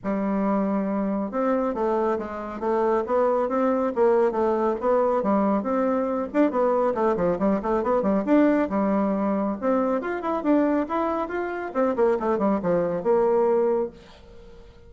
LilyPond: \new Staff \with { instrumentName = "bassoon" } { \time 4/4 \tempo 4 = 138 g2. c'4 | a4 gis4 a4 b4 | c'4 ais4 a4 b4 | g4 c'4. d'8 b4 |
a8 f8 g8 a8 b8 g8 d'4 | g2 c'4 f'8 e'8 | d'4 e'4 f'4 c'8 ais8 | a8 g8 f4 ais2 | }